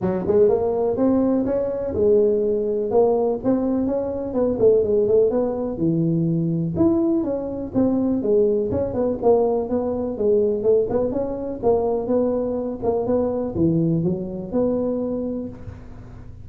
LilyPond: \new Staff \with { instrumentName = "tuba" } { \time 4/4 \tempo 4 = 124 fis8 gis8 ais4 c'4 cis'4 | gis2 ais4 c'4 | cis'4 b8 a8 gis8 a8 b4 | e2 e'4 cis'4 |
c'4 gis4 cis'8 b8 ais4 | b4 gis4 a8 b8 cis'4 | ais4 b4. ais8 b4 | e4 fis4 b2 | }